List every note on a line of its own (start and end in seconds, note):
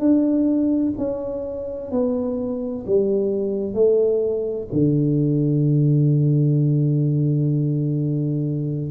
0.00 0.94 D4
0.98 1.92 C#4
1.92 2.86 B3
2.87 3.74 G3
3.74 4.68 A3
4.73 8.91 D3